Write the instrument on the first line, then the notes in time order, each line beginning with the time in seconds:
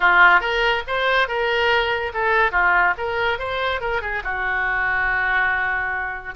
oboe
0.00 F4
0.40 A#4
0.87 C5
1.28 A#4
2.13 A4
2.51 F4
2.97 A#4
3.38 C5
3.80 A#4
4.01 G#4
4.23 F#4